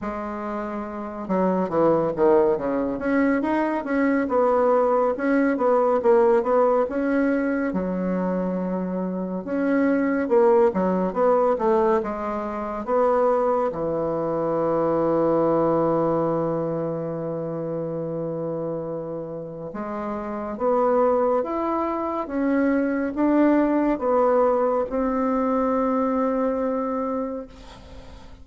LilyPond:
\new Staff \with { instrumentName = "bassoon" } { \time 4/4 \tempo 4 = 70 gis4. fis8 e8 dis8 cis8 cis'8 | dis'8 cis'8 b4 cis'8 b8 ais8 b8 | cis'4 fis2 cis'4 | ais8 fis8 b8 a8 gis4 b4 |
e1~ | e2. gis4 | b4 e'4 cis'4 d'4 | b4 c'2. | }